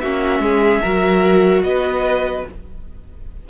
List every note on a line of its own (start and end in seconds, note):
0.00 0.39 A#3
0.00 0.84 C#4
0.00 0.42 F#4
0.00 1.62 E5
0.39 0.80 G#3
0.39 0.82 G#4
0.82 1.62 F#3
0.82 2.46 F#4
0.82 1.63 A#4
1.62 2.43 B3
1.62 2.49 B4
1.62 2.44 D#5